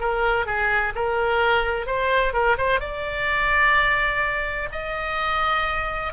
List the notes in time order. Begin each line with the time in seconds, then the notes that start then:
0.00 A#4
0.46 G#4
0.95 A#4
1.87 C5
2.33 A#4
2.57 C5
2.80 D5
4.72 D#5